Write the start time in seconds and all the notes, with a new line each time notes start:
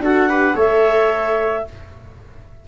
0.00 D4 F#4 A4 F#5
0.29 G4 B4
0.53 A3 A4 C#5 E5